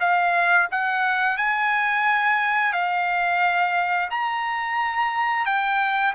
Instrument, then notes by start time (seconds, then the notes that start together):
trumpet
0.00 F5
0.71 F#5
1.37 G#5
2.73 F5
4.10 A#5
5.46 G5